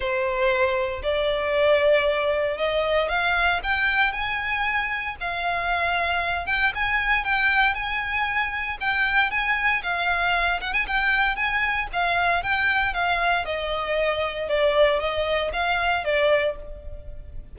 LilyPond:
\new Staff \with { instrumentName = "violin" } { \time 4/4 \tempo 4 = 116 c''2 d''2~ | d''4 dis''4 f''4 g''4 | gis''2 f''2~ | f''8 g''8 gis''4 g''4 gis''4~ |
gis''4 g''4 gis''4 f''4~ | f''8 fis''16 gis''16 g''4 gis''4 f''4 | g''4 f''4 dis''2 | d''4 dis''4 f''4 d''4 | }